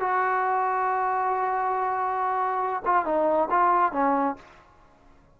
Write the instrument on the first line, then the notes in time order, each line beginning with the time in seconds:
trombone
0.00 F#4
2.85 F4
3.05 D#4
3.50 F4
3.92 C#4